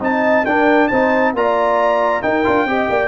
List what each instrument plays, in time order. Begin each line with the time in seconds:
0.00 tuba C4, trombone D#4, horn D#5, trumpet A5
0.45 tuba D4, trombone D4, horn A#4, trumpet G5
0.88 tuba C4, trombone D#4, horn C5, trumpet A5
1.33 tuba A#3, trombone F4, horn D5, trumpet A#5
2.22 trombone D#4, tuba D#4, horn A#4, trumpet G5
2.44 tuba D4, trombone F4
2.65 tuba C4, trombone G4, horn D#5
2.90 tuba A#3, horn D5